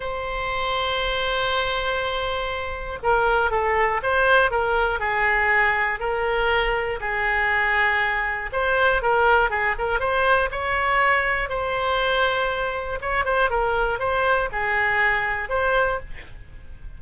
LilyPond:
\new Staff \with { instrumentName = "oboe" } { \time 4/4 \tempo 4 = 120 c''1~ | c''2 ais'4 a'4 | c''4 ais'4 gis'2 | ais'2 gis'2~ |
gis'4 c''4 ais'4 gis'8 ais'8 | c''4 cis''2 c''4~ | c''2 cis''8 c''8 ais'4 | c''4 gis'2 c''4 | }